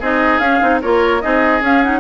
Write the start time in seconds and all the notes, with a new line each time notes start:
0.00 C4 D#4 G#4 D#5
0.39 C#4 F5
0.61 C4 D#4
0.82 A#3 F4 A#4 C#5
1.21 C4 D#4 G#4 D#5
1.61 C#4 F5
1.83 D#4 F#5